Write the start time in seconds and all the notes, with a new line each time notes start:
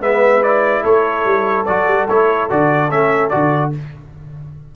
0.00 G#3 B3 B4 E5
0.41 E4 D5
0.84 A3 A4 C#5
1.25 G3
1.66 F#3 F#4 D5
1.87 G3
2.09 A3 E4 C#5
2.50 D3 F#4 D5
2.90 A3 C#4 E5
3.30 D3 F#4 D5